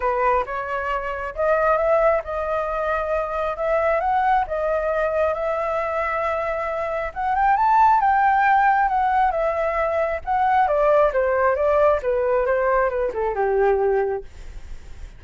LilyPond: \new Staff \with { instrumentName = "flute" } { \time 4/4 \tempo 4 = 135 b'4 cis''2 dis''4 | e''4 dis''2. | e''4 fis''4 dis''2 | e''1 |
fis''8 g''8 a''4 g''2 | fis''4 e''2 fis''4 | d''4 c''4 d''4 b'4 | c''4 b'8 a'8 g'2 | }